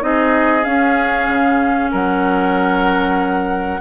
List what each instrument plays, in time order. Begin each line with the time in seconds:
0.00 bassoon C4, clarinet D#4, oboe G#4, flute D#5
0.63 clarinet C#4, bassoon C#4, flute F5
1.28 bassoon C#3
1.91 bassoon F#3, oboe A#4, flute F#5